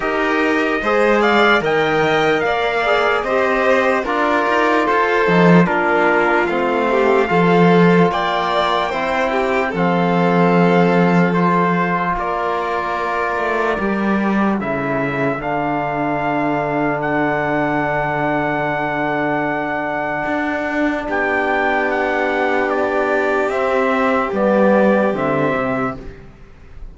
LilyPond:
<<
  \new Staff \with { instrumentName = "trumpet" } { \time 4/4 \tempo 4 = 74 dis''4. f''8 g''4 f''4 | dis''4 d''4 c''4 ais'4 | f''2 g''2 | f''2 c''4 d''4~ |
d''2 e''4 f''4~ | f''4 fis''2.~ | fis''2 g''4 fis''4 | d''4 e''4 d''4 e''4 | }
  \new Staff \with { instrumentName = "violin" } { \time 4/4 ais'4 c''8 d''8 dis''4 d''4 | c''4 ais'4 a'4 f'4~ | f'8 g'8 a'4 d''4 c''8 g'8 | a'2. ais'4~ |
ais'2 a'2~ | a'1~ | a'2 g'2~ | g'1 | }
  \new Staff \with { instrumentName = "trombone" } { \time 4/4 g'4 gis'4 ais'4. gis'8 | g'4 f'4. dis'8 d'4 | c'4 f'2 e'4 | c'2 f'2~ |
f'4 g'4 e'4 d'4~ | d'1~ | d'1~ | d'4 c'4 b4 c'4 | }
  \new Staff \with { instrumentName = "cello" } { \time 4/4 dis'4 gis4 dis4 ais4 | c'4 d'8 dis'8 f'8 f8 ais4 | a4 f4 ais4 c'4 | f2. ais4~ |
ais8 a8 g4 cis4 d4~ | d1~ | d4 d'4 b2~ | b4 c'4 g4 d8 c8 | }
>>